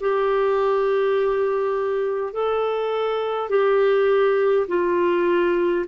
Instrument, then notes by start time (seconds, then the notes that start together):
clarinet
0.00 G4
2.33 A4
3.49 G4
4.67 F4